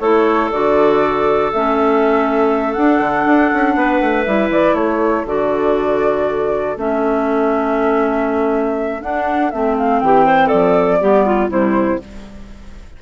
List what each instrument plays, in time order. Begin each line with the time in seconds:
0.00 bassoon A3, clarinet E4 A4, flute C#5
0.52 bassoon D3, clarinet F#4, flute D5
1.53 bassoon A3, clarinet C#4, flute E5
2.73 bassoon D4, clarinet D4, flute F#5
3.00 bassoon D3
3.26 bassoon D4
3.54 bassoon C#4
3.76 bassoon B3, clarinet B4
4.01 bassoon A3
4.24 bassoon G3, clarinet E4, flute E5
4.50 bassoon E3, flute D5
4.74 bassoon A3, clarinet A4, flute C#5
5.26 bassoon D3, clarinet F#4, flute D5
6.77 bassoon A3, clarinet C#4, flute E5
9.01 clarinet D4, bassoon D4, flute F#5
9.51 bassoon A3, clarinet C4, flute E5
9.78 flute F5
10.00 bassoon E3, clarinet G4, flute G5
10.26 clarinet C5
10.47 bassoon F3, clarinet A4, flute D5
11.00 bassoon G3, clarinet B3 G4
11.26 clarinet F4
11.49 bassoon C3, clarinet G3 E4, flute C5